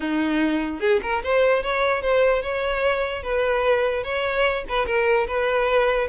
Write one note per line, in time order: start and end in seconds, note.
0.00 0.80 D#4
0.80 1.00 G#4
1.02 1.23 A#4
1.23 1.63 C5
1.63 2.01 C#5
2.01 2.42 C5
2.42 3.22 C#5
3.22 4.03 B4
4.03 4.64 C#5
4.68 4.86 B4
4.86 5.26 A#4
5.27 6.08 B4